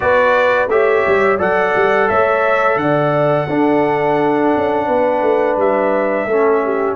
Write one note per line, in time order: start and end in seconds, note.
0.00 0.67 B3
0.00 0.68 F#4
0.00 0.71 B4
0.00 0.69 D5
0.67 1.02 A3
0.67 1.38 G4
0.67 1.38 C#5
0.67 1.39 E5
1.06 1.39 G3
1.38 1.74 F#3
1.38 3.47 A4
1.38 2.08 D5
1.38 2.09 F#5
1.75 2.10 G3
2.08 2.76 A3
2.08 2.78 C#5
2.08 2.78 E5
2.76 3.45 D3
2.76 3.47 D5
2.76 5.57 F#5
3.47 4.53 D4
3.47 6.28 D4
3.47 4.86 A4
4.56 4.88 C#4
4.86 5.21 B3
4.86 6.26 B4
5.21 5.56 A3
5.56 6.25 G3
5.56 6.96 E5
6.25 6.95 A3
6.25 6.96 C#4
6.25 6.60 A4
6.64 6.96 G4